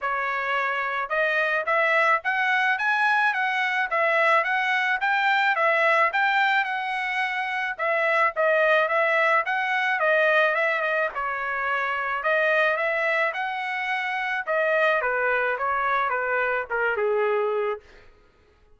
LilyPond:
\new Staff \with { instrumentName = "trumpet" } { \time 4/4 \tempo 4 = 108 cis''2 dis''4 e''4 | fis''4 gis''4 fis''4 e''4 | fis''4 g''4 e''4 g''4 | fis''2 e''4 dis''4 |
e''4 fis''4 dis''4 e''8 dis''8 | cis''2 dis''4 e''4 | fis''2 dis''4 b'4 | cis''4 b'4 ais'8 gis'4. | }